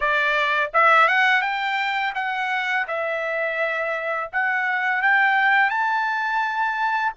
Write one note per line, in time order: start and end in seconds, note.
0.00 0.70 D5
0.73 1.07 E5
1.07 1.41 F#5
1.41 2.13 G5
2.14 2.86 F#5
2.87 4.30 E5
4.32 5.02 F#5
5.02 5.69 G5
5.69 7.12 A5